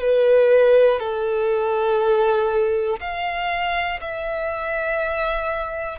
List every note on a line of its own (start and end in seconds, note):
0.00 1.00 B4
1.00 3.00 A4
3.00 4.00 F5
4.00 5.99 E5